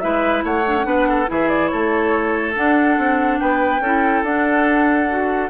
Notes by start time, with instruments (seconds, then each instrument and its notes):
0.00 bassoon G#3, clarinet E4, oboe B4, flute E5
0.43 bassoon A3, oboe C#5, flute F#5
0.67 clarinet D4
0.77 clarinet C#4
0.84 bassoon B3, clarinet D4, oboe B4
1.08 oboe A4
1.27 bassoon E3, clarinet E4, oboe G#4, flute E5
1.48 flute D5
1.67 oboe A4, flute C#5
1.73 bassoon A3
2.54 clarinet D4, bassoon D4, flute F#5
2.97 bassoon C4
3.39 bassoon B3, oboe B4, flute G5
3.79 bassoon C#4, clarinet E4, oboe A4
4.23 bassoon D4, clarinet D4, flute F#5
5.08 clarinet F#4